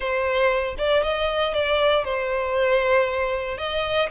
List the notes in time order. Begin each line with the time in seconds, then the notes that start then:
0.00 C5
0.78 D5
1.03 D#5
1.54 D5
2.04 C5
3.57 D#5